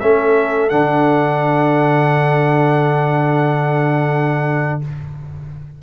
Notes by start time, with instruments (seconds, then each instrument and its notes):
0.00 tuba A3, trombone C#4, horn A4, trumpet E5
0.69 tuba D3, trombone D4, trumpet F#5